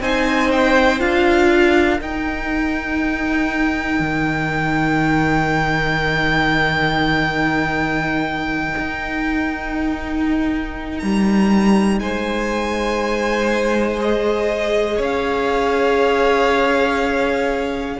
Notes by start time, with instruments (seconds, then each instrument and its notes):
0.00 cello C4, viola D#4, violin C5 G#5
0.51 violin G5
0.99 cello D4, viola F4, violin F5
1.48 violin A#4
2.00 viola D#4, cello D#4, violin G5
4.00 cello D#3
8.78 cello D#4
10.99 cello G3, violin A#5
12.00 cello G#3, violin C5 G#5
13.97 viola G#4, violin D#5
14.96 cello C#4, violin C#5
15.02 violin F5